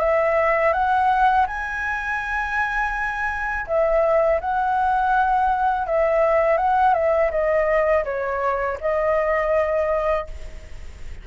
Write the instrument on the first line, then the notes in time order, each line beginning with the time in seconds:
flute
0.00 E5
0.74 F#5
1.47 G#5
3.67 E5
4.41 F#5
5.87 E5
6.58 F#5
6.94 E5
7.31 D#5
8.05 C#5
8.81 D#5